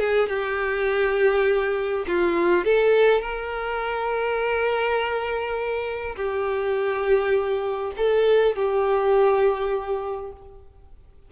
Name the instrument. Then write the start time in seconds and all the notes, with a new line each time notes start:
violin
0.00 G#4
0.29 G4
2.08 F4
2.65 A4
3.22 A#4
6.17 G4
7.97 A4
8.56 G4